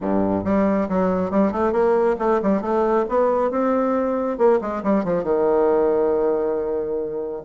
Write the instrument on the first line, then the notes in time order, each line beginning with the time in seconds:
bassoon
0.00 G2
0.44 G3
0.89 F#3
1.30 G3
1.51 A3
1.72 A#3
2.18 A3
2.42 G3
2.61 A3
3.08 B3
3.50 C4
4.38 A#3
4.61 G#3
4.83 G3
5.04 F3
5.23 D#3